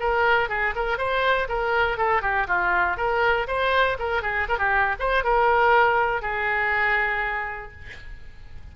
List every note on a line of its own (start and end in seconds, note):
0.00 0.49 A#4
0.49 0.74 G#4
0.75 0.98 A#4
0.98 1.48 C5
1.49 1.97 A#4
1.97 2.22 A4
2.22 2.47 G4
2.48 2.97 F4
2.97 3.47 A#4
3.47 3.97 C5
3.99 4.22 A#4
4.22 4.47 G#4
4.48 4.58 A#4
4.58 4.96 G4
4.99 5.24 C5
5.24 6.22 A#4
6.22 7.72 G#4